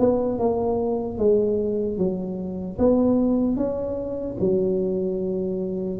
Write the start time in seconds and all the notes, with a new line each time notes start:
0.00 B3
0.39 A#3
1.19 G#3
1.98 F#3
2.79 B3
3.57 C#4
4.40 F#3